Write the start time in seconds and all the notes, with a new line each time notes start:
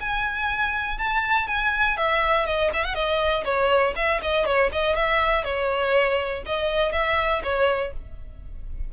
0.00 G#5
0.98 A5
1.47 G#5
1.97 E5
2.45 D#5
2.73 E5
2.84 F#5
2.94 D#5
3.44 C#5
3.96 E5
4.22 D#5
4.45 C#5
4.72 D#5
4.95 E5
5.44 C#5
6.46 D#5
6.92 E5
7.43 C#5